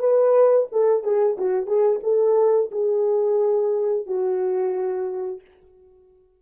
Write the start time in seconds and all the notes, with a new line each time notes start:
0.00 B4
0.72 A4
1.04 G#4
1.38 F#4
1.67 G#4
2.03 A4
2.72 G#4
4.07 F#4